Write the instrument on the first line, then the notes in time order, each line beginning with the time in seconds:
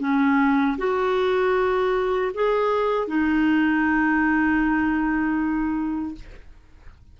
clarinet
0.00 C#4
0.78 F#4
2.35 G#4
3.08 D#4